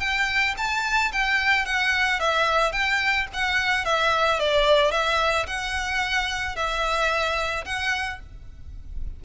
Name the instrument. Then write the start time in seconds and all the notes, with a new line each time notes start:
violin
0.00 G5
0.57 A5
1.12 G5
1.66 F#5
2.20 E5
2.72 G5
3.33 F#5
3.85 E5
4.39 D5
4.92 E5
5.47 F#5
6.56 E5
7.65 F#5